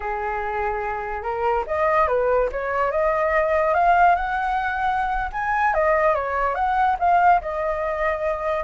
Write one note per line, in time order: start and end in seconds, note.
0.00 1.22 G#4
1.22 1.64 A#4
1.67 2.07 D#5
2.07 2.49 B4
2.52 2.91 C#5
2.91 3.74 D#5
3.74 4.15 F5
4.15 5.30 F#5
5.32 5.74 G#5
5.74 6.14 D#5
6.14 6.54 C#5
6.54 6.96 F#5
6.99 7.41 F5
7.41 8.64 D#5